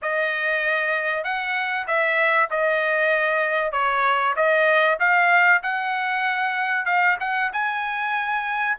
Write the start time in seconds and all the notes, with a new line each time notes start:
0.02 D#5
1.24 F#5
1.87 E5
2.50 D#5
3.72 C#5
4.36 D#5
4.99 F5
5.62 F#5
6.85 F5
7.20 F#5
7.52 G#5